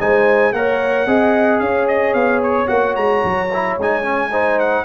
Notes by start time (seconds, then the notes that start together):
0.00 G#3 D#4 C5 G#5
0.53 A#3 A#4 C#5 F#5
1.07 C4 G#4 D#5
1.60 C#4 C#5 F5
1.88 D#5
2.14 B3 F5
2.43 C#5
2.67 A#3 F#4 F#5
2.96 G#3 A#5
3.24 F#3
3.54 E4
3.78 G#3 D#4 G#5
4.03 C#4
4.32 D#4 C5
4.60 F#5